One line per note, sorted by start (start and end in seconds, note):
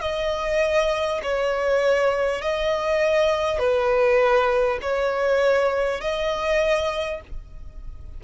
0.00 1.20 D#5
1.23 2.41 C#5
2.41 3.58 D#5
3.58 4.78 B4
4.81 6.00 C#5
6.00 7.20 D#5